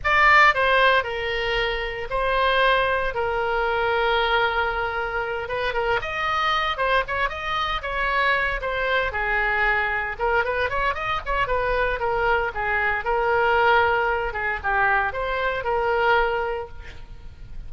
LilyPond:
\new Staff \with { instrumentName = "oboe" } { \time 4/4 \tempo 4 = 115 d''4 c''4 ais'2 | c''2 ais'2~ | ais'2~ ais'8 b'8 ais'8 dis''8~ | dis''4 c''8 cis''8 dis''4 cis''4~ |
cis''8 c''4 gis'2 ais'8 | b'8 cis''8 dis''8 cis''8 b'4 ais'4 | gis'4 ais'2~ ais'8 gis'8 | g'4 c''4 ais'2 | }